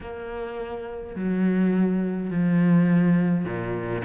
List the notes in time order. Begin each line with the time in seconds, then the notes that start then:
0.01 A#3
1.15 F#3
2.30 F3
3.45 A#2